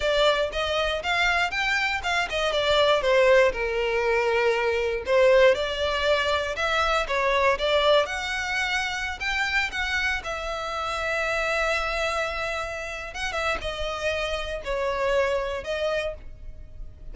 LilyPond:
\new Staff \with { instrumentName = "violin" } { \time 4/4 \tempo 4 = 119 d''4 dis''4 f''4 g''4 | f''8 dis''8 d''4 c''4 ais'4~ | ais'2 c''4 d''4~ | d''4 e''4 cis''4 d''4 |
fis''2~ fis''16 g''4 fis''8.~ | fis''16 e''2.~ e''8.~ | e''2 fis''8 e''8 dis''4~ | dis''4 cis''2 dis''4 | }